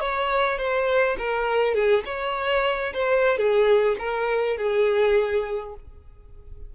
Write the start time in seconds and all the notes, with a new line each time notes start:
0.00 C#5
0.58 C5
1.18 A#4
1.74 G#4
2.05 C#5
2.93 C5
3.37 G#4
3.99 A#4
4.57 G#4